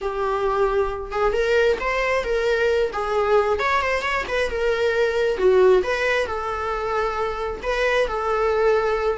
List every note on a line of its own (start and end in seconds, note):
0.01 1.11 G4
1.11 1.32 G#4
1.32 1.77 A#4
1.80 2.24 C5
2.24 2.91 A#4
2.92 3.59 G#4
3.59 3.81 C#5
3.81 4.02 C5
4.02 4.24 C#5
4.28 4.50 B4
4.50 5.37 A#4
5.37 5.82 F#4
5.83 6.26 B4
6.26 7.60 A4
7.62 8.07 B4
8.07 9.18 A4